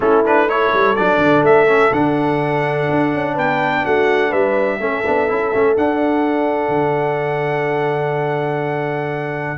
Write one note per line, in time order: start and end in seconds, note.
0.00 0.72 A3
0.00 0.24 C#4
0.00 0.49 E4
0.00 0.24 A4
0.24 0.48 D4
0.24 0.49 B4
0.48 0.96 E4
0.48 3.34 A4
0.48 0.95 C#5
0.72 0.96 G3
0.95 1.18 F#3
0.95 1.66 D4
0.95 1.43 D5
1.18 1.42 D3
1.42 1.90 A3
1.42 1.93 E5
1.66 1.90 C#4
1.91 2.87 D3
1.91 4.79 D4
1.91 3.37 F#5
2.90 3.14 D4
3.14 3.37 C#4
3.34 3.85 B3
3.34 3.82 B4
3.34 3.85 G5
3.84 4.32 A3
3.84 4.29 F#4
3.84 4.32 F#5
4.29 4.79 G3
4.29 4.77 B4
4.29 5.76 E5
4.79 5.03 A3
4.79 5.04 C#4
4.79 9.57 A4
5.05 5.30 B3
5.05 5.28 D4
5.28 5.54 C#4
5.28 5.52 E4
5.53 5.77 A3
5.53 5.76 C#4
5.76 9.57 D4
5.76 6.68 D4
5.76 9.57 F#5
6.68 9.56 D3